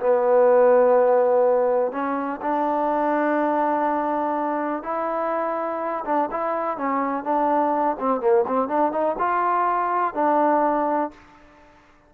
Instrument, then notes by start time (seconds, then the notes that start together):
trombone
0.00 B3
1.92 C#4
2.41 D4
4.83 E4
6.05 D4
6.31 E4
6.77 C#4
7.24 D4
7.99 C4
8.21 A#3
8.47 C4
8.68 D4
8.92 D#4
9.18 F4
10.14 D4